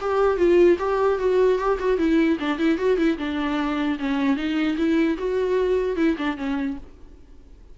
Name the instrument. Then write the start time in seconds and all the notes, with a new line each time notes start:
viola
0.00 G4
0.37 F4
0.79 G4
1.19 F#4
1.58 G4
1.79 F#4
1.98 E4
2.39 D4
2.58 E4
2.78 F#4
2.97 E4
3.18 D4
3.99 C#4
4.36 D#4
4.77 E4
5.18 F#4
5.96 E4
6.17 D4
6.37 C#4